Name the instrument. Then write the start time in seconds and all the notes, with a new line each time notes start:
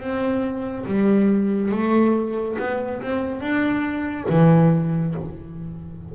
double bass
0.00 C4
0.86 G3
1.71 A3
2.59 B3
3.02 C4
3.41 D4
4.29 E3